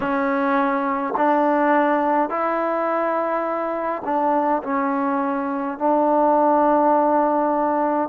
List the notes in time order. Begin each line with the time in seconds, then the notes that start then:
0.00 C#4
1.16 D4
2.29 E4
4.04 D4
4.63 C#4
5.78 D4